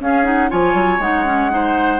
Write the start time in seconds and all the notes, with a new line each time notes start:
0.00 C#4 G#4 F5
0.24 D#4 F#5
0.49 F3 F4 C#5 G#5
0.74 F#3
0.99 G#3 D#4 F#5
1.26 C#4
1.50 D#4 C5